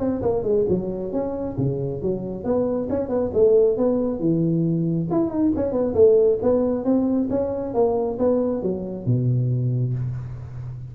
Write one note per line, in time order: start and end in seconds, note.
0.00 0.22 C4
0.22 0.44 A#3
0.44 0.66 G#3
0.69 1.13 F#3
1.13 1.57 C#4
1.58 2.02 C#3
2.03 2.44 F#3
2.44 2.89 B3
2.90 3.09 C#4
3.09 3.31 B3
3.34 3.78 A3
3.78 4.20 B3
4.20 5.08 E3
5.11 5.30 E4
5.30 5.52 D#4
5.56 5.73 C#4
5.73 5.95 B3
5.95 6.39 A3
6.43 6.85 B3
6.85 7.29 C4
7.31 7.74 C#4
7.74 8.19 A#3
8.19 8.63 B3
8.63 9.06 F#3
9.06 9.95 B2